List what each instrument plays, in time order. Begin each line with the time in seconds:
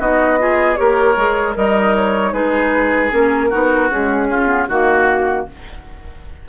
0.00 bassoon B3, clarinet D#4, oboe F#4, flute D#5
0.39 clarinet F4, oboe G#4
0.76 bassoon A#3, clarinet G4, oboe A#4, flute C#5
1.17 bassoon G#3, clarinet G#4
1.55 bassoon G3, oboe D#4, clarinet A#4, flute D#5
1.96 flute C#5
2.33 bassoon G#3, clarinet D#4, oboe G#4, flute B4
3.11 bassoon A#3, clarinet C#4, flute A#4
3.50 bassoon B3, clarinet D#4, oboe F#4
3.90 clarinet G#3, bassoon C#4, flute G#4
4.30 clarinet C#4, oboe F4
4.47 clarinet B3
4.68 bassoon D#3, clarinet A#3, flute F#4, oboe F#4